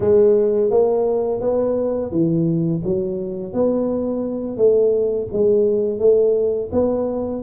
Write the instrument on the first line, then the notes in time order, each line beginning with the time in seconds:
tuba
0.00 G#3
0.70 A#3
1.41 B3
2.11 E3
2.84 F#3
3.53 B3
4.57 A3
5.32 G#3
5.99 A3
6.72 B3